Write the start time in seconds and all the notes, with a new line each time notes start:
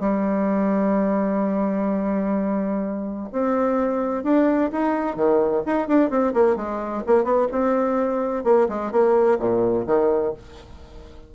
0.00 G3
3.32 C4
4.24 D4
4.72 D#4
5.16 D#3
5.66 D#4
5.87 D4
6.10 C4
6.33 A#3
6.56 G#3
7.07 A#3
7.24 B3
7.51 C4
8.44 A#3
8.69 G#3
8.92 A#3
9.39 A#2
9.87 D#3